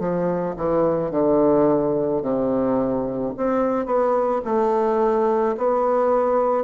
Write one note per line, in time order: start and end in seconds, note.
0.00 0.56 F3
0.57 1.12 E3
1.12 2.23 D3
2.23 3.34 C3
3.37 3.86 C4
3.86 4.42 B3
4.45 5.57 A3
5.58 6.65 B3